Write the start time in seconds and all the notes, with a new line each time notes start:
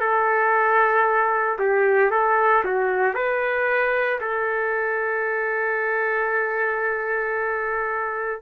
0.00 A4
1.58 G4
2.11 A4
2.64 F#4
3.14 B4
4.21 A4